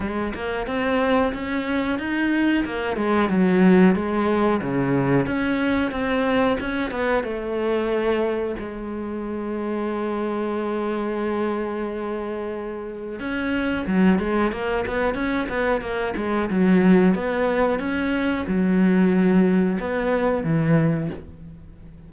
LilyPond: \new Staff \with { instrumentName = "cello" } { \time 4/4 \tempo 4 = 91 gis8 ais8 c'4 cis'4 dis'4 | ais8 gis8 fis4 gis4 cis4 | cis'4 c'4 cis'8 b8 a4~ | a4 gis2.~ |
gis1 | cis'4 fis8 gis8 ais8 b8 cis'8 b8 | ais8 gis8 fis4 b4 cis'4 | fis2 b4 e4 | }